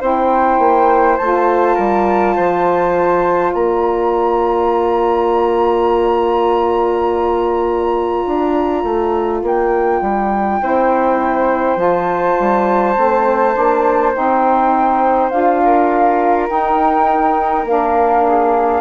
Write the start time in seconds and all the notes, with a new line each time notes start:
0.00 C4 E4 C5 G5
0.59 A#3
1.17 A3 F4 A5
1.75 G3 A#4
2.36 F3 C5
3.53 A#3 D5 A#5
8.25 D4
8.83 A3
9.42 A#3 G5
10.01 G3
10.60 C4 E4 C5
11.75 F3 F4 A5
12.39 G3
12.95 A3 C4
13.53 A#3 D4
14.13 C4 D#4 G5
15.30 D4 F4 F5
15.64 A#4
16.48 D#4 G5
17.64 A#3 D4 F5
18.27 G#4